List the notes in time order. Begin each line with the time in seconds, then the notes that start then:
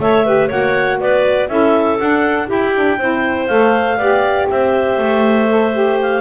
0.00 A3 A4 C#5 E5
0.25 G4 B4
0.48 A#3 F#4 C#5 F#5
1.00 B3 B4 D5
1.49 C#4 E4 A4 E5
1.99 D4 F#5
2.47 E4 G4 G5
2.75 D4
2.99 C4 E4 C5
3.48 A3 A4 F5
3.98 B3 G4 D5
4.51 C4 C5 E5
4.98 A3
5.49 A4
5.73 G4
6.02 F5